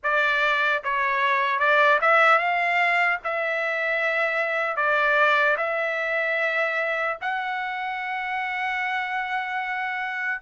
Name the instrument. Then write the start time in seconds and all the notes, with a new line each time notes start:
trumpet
0.03 D5
0.83 C#5
1.59 D5
2.01 E5
2.38 F5
3.24 E5
4.76 D5
5.57 E5
7.21 F#5